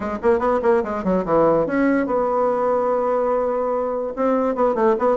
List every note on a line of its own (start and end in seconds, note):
0.00 0.18 G#3
0.22 0.39 A#3
0.39 0.60 B3
0.62 0.83 A#3
0.83 1.04 G#3
1.04 1.24 F#3
1.25 1.66 E3
1.66 2.06 C#4
2.06 4.13 B3
4.16 4.55 C4
4.55 4.75 B3
4.75 4.95 A3
4.98 5.17 B3